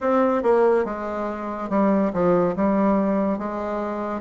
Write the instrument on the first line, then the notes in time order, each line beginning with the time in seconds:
bassoon
0.00 C4
0.42 A#3
0.85 G#3
1.69 G3
2.13 F3
2.56 G3
3.38 G#3